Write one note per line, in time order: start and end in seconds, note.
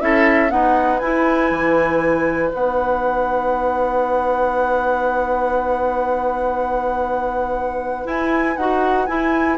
0.00 0.51 C#4
0.00 0.48 E4
0.00 0.51 A4
0.00 0.50 E5
0.48 0.99 B3
0.48 1.01 D#4
0.48 9.57 B4
0.48 0.98 F#5
0.98 1.50 E4
0.98 2.53 E4
0.98 2.50 G#5
1.50 2.51 E3
2.53 8.05 B3
2.53 8.04 D#4
2.53 8.08 F#5
8.04 8.55 E4
8.04 8.56 E4
8.04 8.56 G#5
8.56 9.07 D#4
8.56 9.07 F#4
8.56 9.06 F#5
9.06 9.57 E4
9.06 9.57 G#5